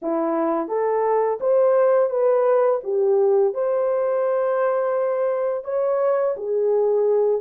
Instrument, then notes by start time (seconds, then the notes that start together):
horn
0.02 E4
0.68 A4
1.40 C5
2.10 B4
2.83 G4
3.54 C5
5.64 C#5
6.36 G#4